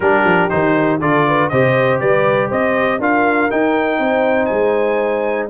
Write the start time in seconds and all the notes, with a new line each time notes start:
0.00 G3 D4 G4 A#4
0.24 F3
0.49 D#3 D#4 C5
1.00 D3 F4 A4 D5
1.27 B4
1.49 C3 G4 C5 D#5
2.00 G3 B4 D5
2.48 C4 C5 D#5
2.99 D4 F4 A#4 F5
3.50 D#4 G5
3.98 C4 C5
4.45 G#3 G#5